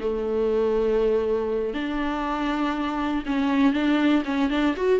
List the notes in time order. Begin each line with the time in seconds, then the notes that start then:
0.00 A3
1.73 D4
3.25 C#4
3.73 D4
4.25 C#4
4.50 D4
4.76 F#4